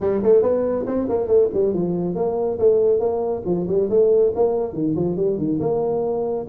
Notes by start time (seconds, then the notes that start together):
0.00 G3
0.23 A3
0.42 B3
0.86 C4
1.08 A#3
1.27 A3
1.53 G3
1.73 F3
2.15 A#3
2.58 A3
2.99 A#3
3.45 F3
3.67 G3
3.89 A3
4.35 A#3
4.73 D#3
4.95 F3
5.16 G3
5.38 D#3
5.60 A#3